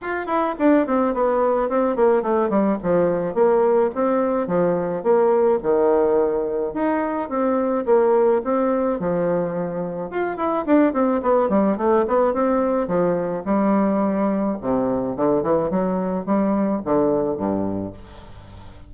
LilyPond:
\new Staff \with { instrumentName = "bassoon" } { \time 4/4 \tempo 4 = 107 f'8 e'8 d'8 c'8 b4 c'8 ais8 | a8 g8 f4 ais4 c'4 | f4 ais4 dis2 | dis'4 c'4 ais4 c'4 |
f2 f'8 e'8 d'8 c'8 | b8 g8 a8 b8 c'4 f4 | g2 c4 d8 e8 | fis4 g4 d4 g,4 | }